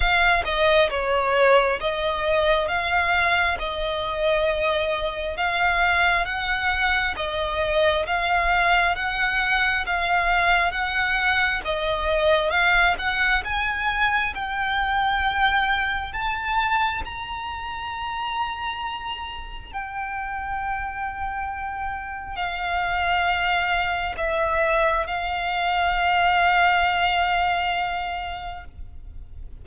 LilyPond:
\new Staff \with { instrumentName = "violin" } { \time 4/4 \tempo 4 = 67 f''8 dis''8 cis''4 dis''4 f''4 | dis''2 f''4 fis''4 | dis''4 f''4 fis''4 f''4 | fis''4 dis''4 f''8 fis''8 gis''4 |
g''2 a''4 ais''4~ | ais''2 g''2~ | g''4 f''2 e''4 | f''1 | }